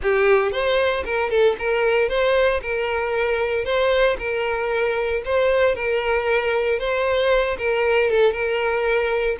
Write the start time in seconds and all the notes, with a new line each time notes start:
0.02 G4
0.51 C5
1.04 A#4
1.30 A4
1.58 A#4
2.08 C5
2.62 A#4
3.64 C5
4.18 A#4
5.25 C5
5.75 A#4
6.79 C5
7.58 A#4
8.10 A4
8.32 A#4